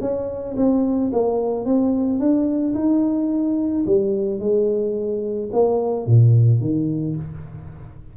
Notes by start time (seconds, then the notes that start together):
0.00 C#4
0.56 C4
1.12 A#3
1.65 C4
2.19 D4
2.74 D#4
3.86 G3
4.39 G#3
5.52 A#3
6.06 A#2
6.60 D#3